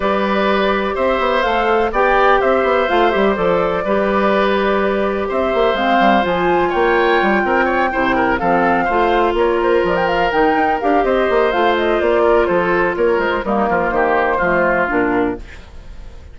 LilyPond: <<
  \new Staff \with { instrumentName = "flute" } { \time 4/4 \tempo 4 = 125 d''2 e''4 f''4 | g''4 e''4 f''8 e''8 d''4~ | d''2. e''4 | f''4 gis''4 g''2~ |
g''4. f''2 cis''8 | c''8 d''16 g''16 f''8 g''4 f''8 dis''4 | f''8 dis''8 d''4 c''4 cis''8 c''8 | ais'4 c''2 ais'4 | }
  \new Staff \with { instrumentName = "oboe" } { \time 4/4 b'2 c''2 | d''4 c''2. | b'2. c''4~ | c''2 cis''4. ais'8 |
cis''8 c''8 ais'8 a'4 c''4 ais'8~ | ais'2. c''4~ | c''4. ais'8 a'4 ais'4 | dis'8 f'8 g'4 f'2 | }
  \new Staff \with { instrumentName = "clarinet" } { \time 4/4 g'2. a'4 | g'2 f'8 g'8 a'4 | g'1 | c'4 f'2.~ |
f'8 e'4 c'4 f'4.~ | f'4. dis'4 g'4. | f'1 | ais2 a4 d'4 | }
  \new Staff \with { instrumentName = "bassoon" } { \time 4/4 g2 c'8 b8 a4 | b4 c'8 b8 a8 g8 f4 | g2. c'8 ais8 | gis8 g8 f4 ais4 g8 c'8~ |
c'8 c4 f4 a4 ais8~ | ais8 f4 dis8 dis'8 d'8 c'8 ais8 | a4 ais4 f4 ais8 gis8 | g8 f8 dis4 f4 ais,4 | }
>>